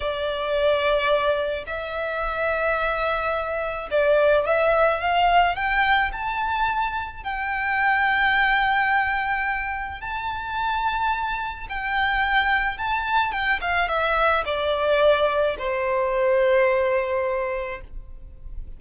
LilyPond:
\new Staff \with { instrumentName = "violin" } { \time 4/4 \tempo 4 = 108 d''2. e''4~ | e''2. d''4 | e''4 f''4 g''4 a''4~ | a''4 g''2.~ |
g''2 a''2~ | a''4 g''2 a''4 | g''8 f''8 e''4 d''2 | c''1 | }